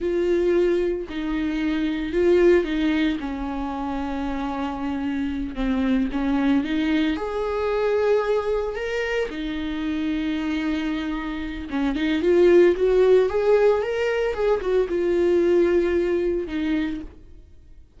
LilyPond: \new Staff \with { instrumentName = "viola" } { \time 4/4 \tempo 4 = 113 f'2 dis'2 | f'4 dis'4 cis'2~ | cis'2~ cis'8 c'4 cis'8~ | cis'8 dis'4 gis'2~ gis'8~ |
gis'8 ais'4 dis'2~ dis'8~ | dis'2 cis'8 dis'8 f'4 | fis'4 gis'4 ais'4 gis'8 fis'8 | f'2. dis'4 | }